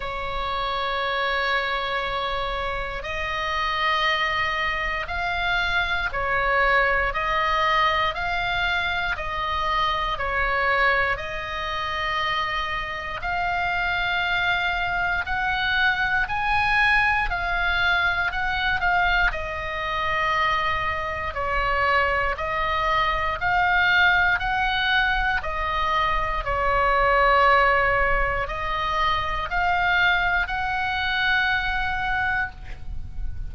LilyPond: \new Staff \with { instrumentName = "oboe" } { \time 4/4 \tempo 4 = 59 cis''2. dis''4~ | dis''4 f''4 cis''4 dis''4 | f''4 dis''4 cis''4 dis''4~ | dis''4 f''2 fis''4 |
gis''4 f''4 fis''8 f''8 dis''4~ | dis''4 cis''4 dis''4 f''4 | fis''4 dis''4 cis''2 | dis''4 f''4 fis''2 | }